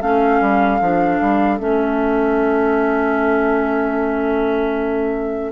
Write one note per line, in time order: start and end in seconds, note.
0.00 0.41 A3
0.00 0.81 C#4
0.00 5.52 A4
0.00 1.59 F5
0.41 0.80 G3
0.81 1.21 F3
0.81 1.59 D4
1.21 1.60 G3
1.59 5.52 A3
1.59 5.52 C#4
1.59 5.52 E5